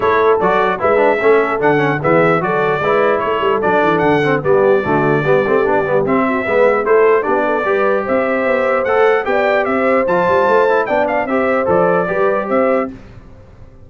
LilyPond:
<<
  \new Staff \with { instrumentName = "trumpet" } { \time 4/4 \tempo 4 = 149 cis''4 d''4 e''2 | fis''4 e''4 d''2 | cis''4 d''4 fis''4 d''4~ | d''2. e''4~ |
e''4 c''4 d''2 | e''2 fis''4 g''4 | e''4 a''2 g''8 f''8 | e''4 d''2 e''4 | }
  \new Staff \with { instrumentName = "horn" } { \time 4/4 a'2 b'4 a'4~ | a'4 gis'4 a'4 b'4 | a'2. g'4 | fis'4 g'2~ g'8 fis'8 |
b'4 a'4 g'8 a'8 b'4 | c''2. d''4 | c''2. d''4 | c''2 b'4 c''4 | }
  \new Staff \with { instrumentName = "trombone" } { \time 4/4 e'4 fis'4 e'8 d'8 cis'4 | d'8 cis'8 b4 fis'4 e'4~ | e'4 d'4. c'8 b4 | a4 b8 c'8 d'8 b8 c'4 |
b4 e'4 d'4 g'4~ | g'2 a'4 g'4~ | g'4 f'4. e'8 d'4 | g'4 a'4 g'2 | }
  \new Staff \with { instrumentName = "tuba" } { \time 4/4 a4 fis4 gis4 a4 | d4 e4 fis4 gis4 | a8 g8 fis8 e8 d4 g4 | d4 g8 a8 b8 g8 c'4 |
gis4 a4 b4 g4 | c'4 b4 a4 b4 | c'4 f8 g8 a4 b4 | c'4 f4 g4 c'4 | }
>>